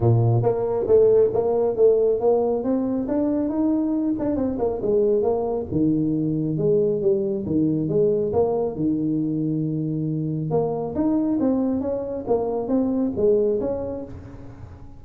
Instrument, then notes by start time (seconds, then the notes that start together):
tuba
0.00 A#2
0.42 A#3
0.87 A3
1.33 A#3
1.76 A3
2.20 A#3
2.63 C4
3.08 D4
3.49 D#4
4.19 D4
4.36 C4
4.58 A#3
4.82 G#3
5.22 A#3
5.71 D#3
6.57 G#3
7.01 G3
7.46 D#3
7.88 G#3
8.32 A#3
8.75 D#3
10.50 A#3
10.95 D#4
11.39 C4
11.80 C#4
12.27 A#3
12.68 C4
13.16 G#3
13.60 C#4